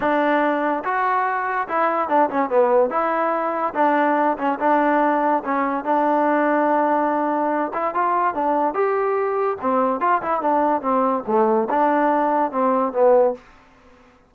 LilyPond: \new Staff \with { instrumentName = "trombone" } { \time 4/4 \tempo 4 = 144 d'2 fis'2 | e'4 d'8 cis'8 b4 e'4~ | e'4 d'4. cis'8 d'4~ | d'4 cis'4 d'2~ |
d'2~ d'8 e'8 f'4 | d'4 g'2 c'4 | f'8 e'8 d'4 c'4 a4 | d'2 c'4 b4 | }